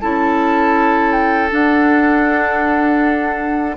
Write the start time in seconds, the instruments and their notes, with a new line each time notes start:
0.00 bassoon C#4, clarinet E4, oboe A4, flute A5
1.12 flute G5
1.49 clarinet D4, bassoon D4, flute F#5